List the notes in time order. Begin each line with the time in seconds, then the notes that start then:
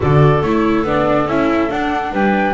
0.00 D3 F#4 A4 D5
0.41 A3 E4 C#5
0.83 B3 D4 D5
1.26 C#4 E4 E5
1.70 D4 F#5
2.12 G3 B4 G5